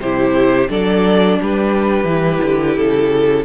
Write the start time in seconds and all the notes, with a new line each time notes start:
0.00 C3 E4 G4 C5
0.69 F#3 D4 A4 D5
1.42 G3 G4 B4
2.04 E3 E4
2.44 D3
2.77 C#3 A4